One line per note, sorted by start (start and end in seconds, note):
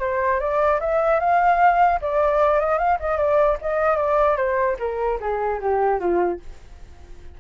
0.00 0.40 C5
0.40 0.80 D5
0.81 1.20 E5
1.20 2.00 F5
2.02 2.60 D5
2.60 2.79 D#5
2.79 2.99 F5
3.00 3.18 D#5
3.18 3.58 D5
3.62 3.97 D#5
3.97 4.37 D5
4.37 4.77 C5
4.79 5.19 A#4
5.21 5.61 G#4
5.61 6.00 G4
6.00 6.40 F4